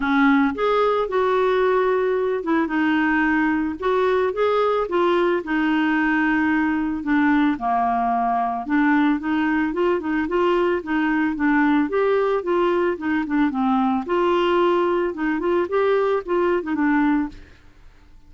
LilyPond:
\new Staff \with { instrumentName = "clarinet" } { \time 4/4 \tempo 4 = 111 cis'4 gis'4 fis'2~ | fis'8 e'8 dis'2 fis'4 | gis'4 f'4 dis'2~ | dis'4 d'4 ais2 |
d'4 dis'4 f'8 dis'8 f'4 | dis'4 d'4 g'4 f'4 | dis'8 d'8 c'4 f'2 | dis'8 f'8 g'4 f'8. dis'16 d'4 | }